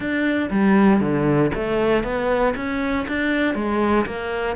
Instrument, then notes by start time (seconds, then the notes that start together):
cello
0.00 D4
0.50 G3
1.00 D3
1.54 A3
2.03 B3
2.55 C#4
3.07 D4
3.54 G#3
4.05 A#3